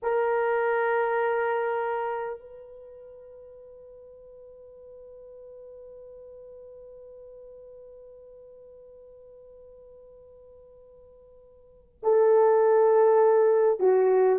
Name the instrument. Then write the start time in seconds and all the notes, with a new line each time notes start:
horn
0.02 A#4
2.39 B4
12.02 A4
13.79 F#4